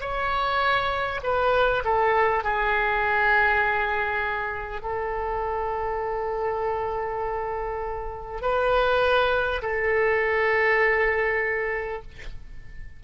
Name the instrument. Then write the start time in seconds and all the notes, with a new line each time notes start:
oboe
0.00 C#5
1.23 B4
1.84 A4
2.43 G#4
4.82 A4
8.41 B4
9.62 A4